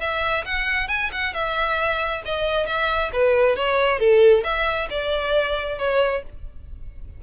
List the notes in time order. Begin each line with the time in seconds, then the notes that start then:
0.00 E5
0.45 F#5
0.88 G#5
1.12 F#5
1.33 E5
2.25 D#5
2.66 E5
3.13 B4
3.56 C#5
3.99 A4
4.43 E5
4.90 D5
5.78 C#5